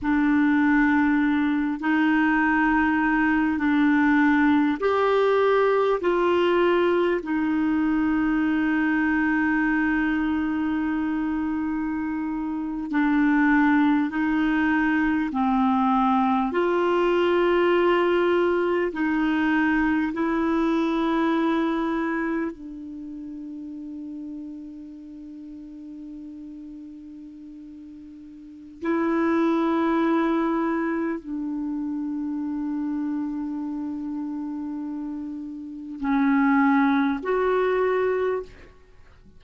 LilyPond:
\new Staff \with { instrumentName = "clarinet" } { \time 4/4 \tempo 4 = 50 d'4. dis'4. d'4 | g'4 f'4 dis'2~ | dis'2~ dis'8. d'4 dis'16~ | dis'8. c'4 f'2 dis'16~ |
dis'8. e'2 d'4~ d'16~ | d'1 | e'2 d'2~ | d'2 cis'4 fis'4 | }